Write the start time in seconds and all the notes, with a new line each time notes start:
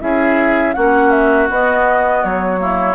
0.00 C#4 E4 G#4 E5
0.74 A#3 C#4 F#4 F#5
1.10 E5
1.49 B3 D#5
2.24 F#3 C#5
2.57 A#3 E4